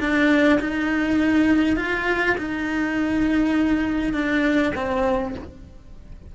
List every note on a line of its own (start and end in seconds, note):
0.00 0.59 D4
0.60 1.77 D#4
1.77 2.36 F4
2.38 4.13 D#4
4.13 4.73 D4
4.75 5.35 C4